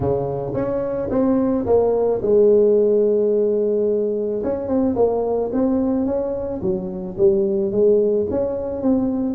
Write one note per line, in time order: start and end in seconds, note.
0.00 0.53 C#3
0.54 1.09 C#4
1.10 1.65 C4
1.66 2.21 A#3
2.22 4.42 G#3
4.43 4.67 C#4
4.67 4.95 C4
4.95 5.50 A#3
5.52 6.06 C4
6.06 6.61 C#4
6.61 7.16 F#3
7.17 7.71 G3
7.71 8.26 G#3
8.30 8.81 C#4
8.81 9.35 C4